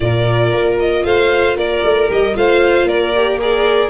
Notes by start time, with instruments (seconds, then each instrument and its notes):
0.00 tuba A#2, viola F4, violin A#4 D5
0.52 tuba A#3
0.79 violin D#5
1.04 tuba A3, violin C5 F5
1.56 tuba A#3, violin A#4 D5
1.83 tuba A3
2.07 tuba G3, viola G4, violin D#5
2.34 tuba A3, viola F4, violin C5 F5
2.83 tuba A#3, violin A#4 D5
3.15 viola G4
3.38 viola G#4, violin A#4 D5